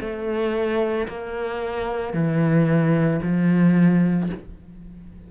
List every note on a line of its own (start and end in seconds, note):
0.00 1.07 A3
1.08 2.13 A#3
2.13 3.20 E3
3.22 4.29 F3